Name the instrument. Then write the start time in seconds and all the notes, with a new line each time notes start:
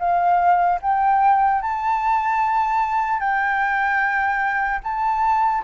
flute
0.00 F5
0.82 G5
1.62 A5
3.20 G5
4.84 A5